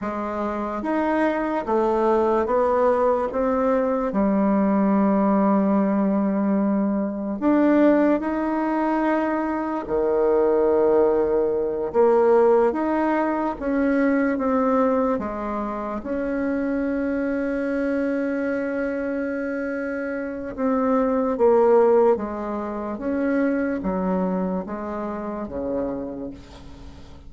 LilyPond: \new Staff \with { instrumentName = "bassoon" } { \time 4/4 \tempo 4 = 73 gis4 dis'4 a4 b4 | c'4 g2.~ | g4 d'4 dis'2 | dis2~ dis8 ais4 dis'8~ |
dis'8 cis'4 c'4 gis4 cis'8~ | cis'1~ | cis'4 c'4 ais4 gis4 | cis'4 fis4 gis4 cis4 | }